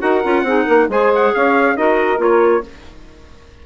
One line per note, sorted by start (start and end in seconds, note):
0.00 0.25 D#4
0.00 0.22 F#4
0.00 0.44 A#4
0.00 0.88 F#5
0.24 0.43 C#4
0.24 0.46 F4
0.43 0.65 C4
0.43 0.89 D#4
0.43 0.65 G#4
0.65 0.89 A#3
0.65 0.87 A#4
0.89 1.33 G#3
0.89 1.76 G#4
0.89 1.34 C5
0.89 1.13 G#5
1.15 1.35 F#5
1.35 1.77 C#4
1.35 1.76 C#5
1.35 1.77 F5
1.76 2.18 D#4
1.76 2.17 F#4
1.76 2.64 A#4
1.76 2.21 D#5
2.17 2.62 A#3
2.17 2.61 F4
2.17 2.66 C#5